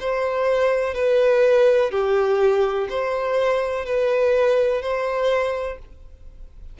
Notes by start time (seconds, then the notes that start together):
0.00 C5
0.95 B4
1.91 G4
2.90 C5
3.86 B4
4.82 C5